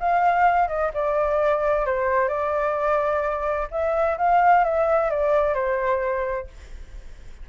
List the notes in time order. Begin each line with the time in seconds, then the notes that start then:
0.00 F5
0.68 D#5
0.94 D5
1.86 C5
2.28 D5
3.71 E5
4.18 F5
4.64 E5
5.10 D5
5.54 C5